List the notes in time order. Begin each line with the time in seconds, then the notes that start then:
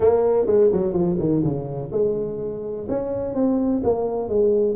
0.00 A#3
0.46 G#3
0.72 F#3
0.93 F3
1.19 D#3
1.43 C#3
1.92 G#3
2.88 C#4
3.34 C4
3.83 A#3
4.28 G#3